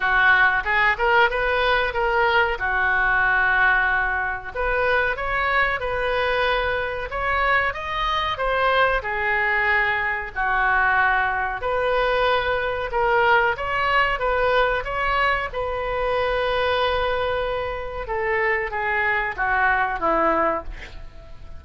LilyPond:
\new Staff \with { instrumentName = "oboe" } { \time 4/4 \tempo 4 = 93 fis'4 gis'8 ais'8 b'4 ais'4 | fis'2. b'4 | cis''4 b'2 cis''4 | dis''4 c''4 gis'2 |
fis'2 b'2 | ais'4 cis''4 b'4 cis''4 | b'1 | a'4 gis'4 fis'4 e'4 | }